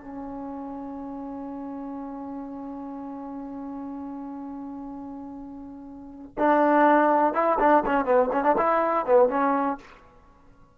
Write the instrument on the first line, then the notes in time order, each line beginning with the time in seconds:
trombone
0.00 C#4
6.38 D4
7.34 E4
7.59 D4
7.85 C#4
8.05 B3
8.32 C#4
8.43 D4
8.57 E4
9.06 B3
9.29 C#4